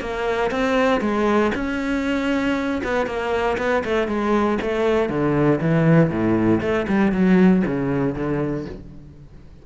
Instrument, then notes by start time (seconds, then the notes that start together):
cello
0.00 A#3
0.50 C4
1.01 G#3
1.54 C#4
2.83 B3
3.06 A#3
3.57 B3
3.84 A3
4.07 G#3
4.61 A3
5.09 D3
5.60 E3
6.09 A2
6.61 A3
6.87 G3
7.11 F#3
7.65 C#3
8.14 D3